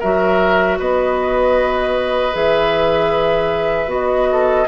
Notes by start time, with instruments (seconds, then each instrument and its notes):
0.00 bassoon F#3, clarinet F#4, oboe A#4, flute E5
0.79 bassoon B3, oboe B4, flute D#5
2.33 bassoon E3, clarinet G#4, flute E5
3.86 bassoon B3, clarinet F#4, flute D#5
4.32 oboe A4